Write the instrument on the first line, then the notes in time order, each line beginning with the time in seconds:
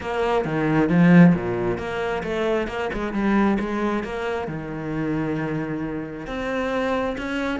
cello
0.00 A#3
0.44 D#3
0.89 F3
1.34 A#2
1.78 A#3
2.23 A3
2.67 A#3
2.93 G#3
3.13 G3
3.59 G#3
4.03 A#3
4.47 D#3
6.26 C4
7.17 C#4